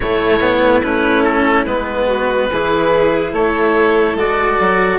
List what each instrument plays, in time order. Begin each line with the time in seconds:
0.00 bassoon A2, cello A3, violin E4, oboe C#5
0.40 cello B3
0.83 bassoon A3, cello C#4, oboe B4
1.23 oboe A4
1.65 bassoon G#3, cello B3, oboe B4
2.07 violin F#4
2.51 bassoon E3, cello E4, violin G#4
3.32 bassoon A3, violin A4, oboe C#5
4.14 bassoon G#3, cello F#4, oboe D5
4.60 bassoon F#3